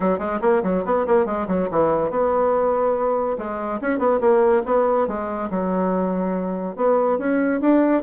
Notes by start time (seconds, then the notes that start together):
0.00 F#3
0.19 G#3
0.41 A#3
0.63 F#3
0.85 B3
1.06 A#3
1.25 G#3
1.47 F#3
1.70 E3
2.10 B3
3.37 G#3
3.81 C#4
3.98 B3
4.20 A#3
4.65 B3
5.07 G#3
5.50 F#3
6.76 B3
7.18 C#4
7.60 D4